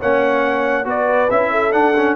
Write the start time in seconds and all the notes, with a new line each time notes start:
0.00 A#3 C#4 C#5 F#5
0.85 B3 F#4 B4 D5
1.31 C#4 E4 E5
1.51 A4
1.72 D4 F#5
1.97 C#4